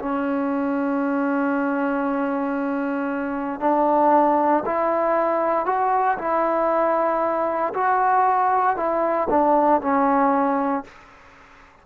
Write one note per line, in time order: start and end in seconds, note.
0.00 3.61 C#4
3.61 4.64 D4
4.66 5.66 E4
5.66 6.18 F#4
6.19 7.74 E4
7.75 8.77 F#4
8.77 9.29 E4
9.30 9.82 D4
9.82 10.85 C#4